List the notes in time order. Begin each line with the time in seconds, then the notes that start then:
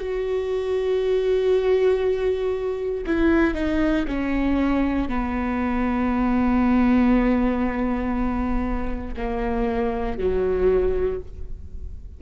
0.00 F#4
3.06 E4
3.55 D#4
4.08 C#4
5.09 B3
9.17 A#3
10.18 F#3